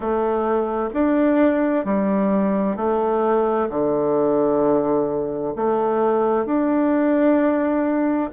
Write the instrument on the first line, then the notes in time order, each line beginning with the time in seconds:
bassoon
0.00 A3
0.93 D4
1.84 G3
2.76 A3
3.69 D3
5.56 A3
6.45 D4